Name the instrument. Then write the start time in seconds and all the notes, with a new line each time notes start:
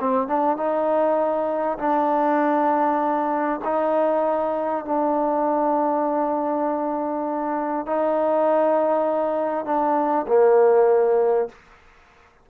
trombone
0.00 C4
0.28 D4
0.57 D#4
1.79 D4
3.65 D#4
4.85 D4
7.87 D#4
9.65 D4
10.28 A#3